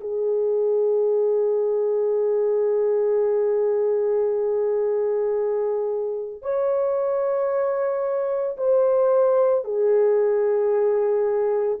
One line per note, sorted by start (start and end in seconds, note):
0.00 6.41 G#4
6.41 8.56 C#5
8.57 9.64 C5
9.64 11.79 G#4